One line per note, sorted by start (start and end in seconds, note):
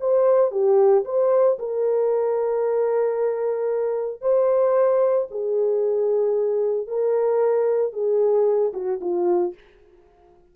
0.00 0.51 C5
0.51 1.04 G4
1.05 1.58 C5
1.59 4.21 A#4
4.21 5.27 C5
5.31 6.87 G#4
6.87 7.93 A#4
7.93 8.72 G#4
8.73 9.00 F#4
9.01 9.54 F4